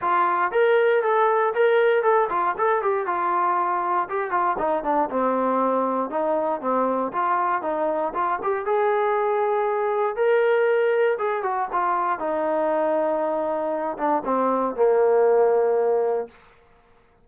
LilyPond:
\new Staff \with { instrumentName = "trombone" } { \time 4/4 \tempo 4 = 118 f'4 ais'4 a'4 ais'4 | a'8 f'8 a'8 g'8 f'2 | g'8 f'8 dis'8 d'8 c'2 | dis'4 c'4 f'4 dis'4 |
f'8 g'8 gis'2. | ais'2 gis'8 fis'8 f'4 | dis'2.~ dis'8 d'8 | c'4 ais2. | }